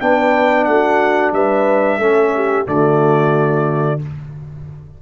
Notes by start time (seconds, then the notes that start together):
0.00 B3 D4 B4 G5
0.64 A3 F#4 F#5
1.32 G3 B4 E5
1.98 A3 C#4 A4
2.35 G4
2.65 D3 A3 F#4 D5